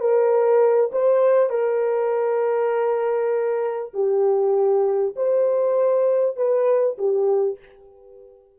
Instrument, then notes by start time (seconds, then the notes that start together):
horn
0.00 A#4
0.92 C5
1.50 A#4
3.93 G4
5.16 C5
6.36 B4
6.98 G4